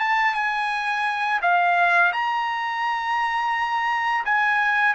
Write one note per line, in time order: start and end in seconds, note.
0.00 0.34 A5
0.34 1.40 G#5
1.42 2.12 F5
2.13 4.24 A#5
4.25 4.94 G#5